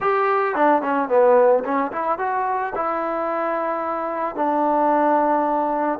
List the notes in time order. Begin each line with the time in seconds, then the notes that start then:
0.00 G4
0.55 D4
0.82 C#4
1.09 B3
1.64 C#4
1.92 E4
2.18 F#4
2.75 E4
4.35 D4